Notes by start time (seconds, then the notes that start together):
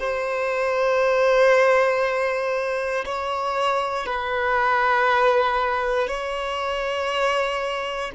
0.00 C5
3.06 C#5
4.06 B4
6.08 C#5